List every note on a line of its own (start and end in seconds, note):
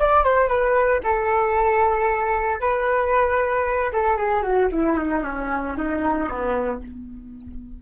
0.00 0.24 D5
0.24 0.49 C5
0.49 1.01 B4
1.04 2.61 A4
2.61 3.92 B4
3.93 4.17 A4
4.17 4.43 G#4
4.43 4.69 F#4
4.72 4.98 E4
4.98 5.24 D#4
5.24 5.77 C#4
5.78 6.29 D#4
6.29 6.82 B3